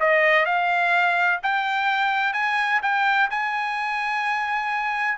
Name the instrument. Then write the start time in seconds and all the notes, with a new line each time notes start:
trumpet
0.00 D#5
0.46 F5
1.43 G5
2.33 G#5
2.82 G5
3.31 G#5